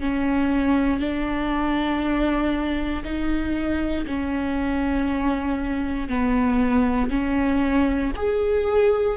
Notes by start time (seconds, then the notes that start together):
0.00 C#4
1.00 D4
3.04 D#4
4.07 C#4
6.08 B3
7.10 C#4
8.16 G#4